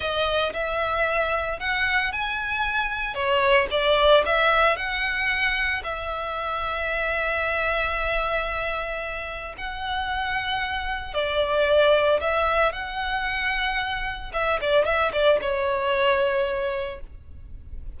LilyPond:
\new Staff \with { instrumentName = "violin" } { \time 4/4 \tempo 4 = 113 dis''4 e''2 fis''4 | gis''2 cis''4 d''4 | e''4 fis''2 e''4~ | e''1~ |
e''2 fis''2~ | fis''4 d''2 e''4 | fis''2. e''8 d''8 | e''8 d''8 cis''2. | }